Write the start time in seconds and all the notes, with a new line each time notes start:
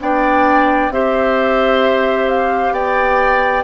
0.00 B3 D4 D5 G5
0.89 C4 G4 C5 E5
2.28 F5
2.71 B3 D5 G5